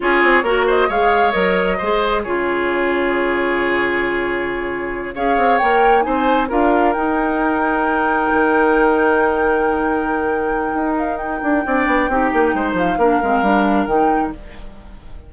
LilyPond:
<<
  \new Staff \with { instrumentName = "flute" } { \time 4/4 \tempo 4 = 134 cis''4. dis''8 f''4 dis''4~ | dis''4 cis''2.~ | cis''2.~ cis''8 f''8~ | f''8 g''4 gis''4 f''4 g''8~ |
g''1~ | g''1~ | g''8 f''8 g''2.~ | g''8 f''2~ f''8 g''4 | }
  \new Staff \with { instrumentName = "oboe" } { \time 4/4 gis'4 ais'8 c''8 cis''2 | c''4 gis'2.~ | gis'2.~ gis'8 cis''8~ | cis''4. c''4 ais'4.~ |
ais'1~ | ais'1~ | ais'2 d''4 g'4 | c''4 ais'2. | }
  \new Staff \with { instrumentName = "clarinet" } { \time 4/4 f'4 fis'4 gis'4 ais'4 | gis'4 f'2.~ | f'2.~ f'8 gis'8~ | gis'8 ais'4 dis'4 f'4 dis'8~ |
dis'1~ | dis'1~ | dis'2 d'4 dis'4~ | dis'4 d'8 c'8 d'4 dis'4 | }
  \new Staff \with { instrumentName = "bassoon" } { \time 4/4 cis'8 c'8 ais4 gis4 fis4 | gis4 cis2.~ | cis2.~ cis8 cis'8 | c'8 ais4 c'4 d'4 dis'8~ |
dis'2~ dis'8 dis4.~ | dis1 | dis'4. d'8 c'8 b8 c'8 ais8 | gis8 f8 ais8 gis8 g4 dis4 | }
>>